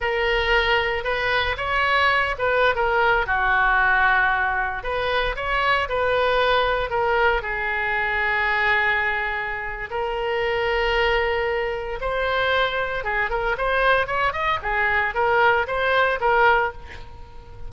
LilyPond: \new Staff \with { instrumentName = "oboe" } { \time 4/4 \tempo 4 = 115 ais'2 b'4 cis''4~ | cis''8 b'8. ais'4 fis'4.~ fis'16~ | fis'4~ fis'16 b'4 cis''4 b'8.~ | b'4~ b'16 ais'4 gis'4.~ gis'16~ |
gis'2. ais'4~ | ais'2. c''4~ | c''4 gis'8 ais'8 c''4 cis''8 dis''8 | gis'4 ais'4 c''4 ais'4 | }